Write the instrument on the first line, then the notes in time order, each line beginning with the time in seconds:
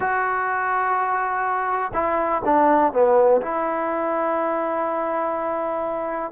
trombone
0.00 F#4
1.93 E4
2.44 D4
2.92 B3
3.41 E4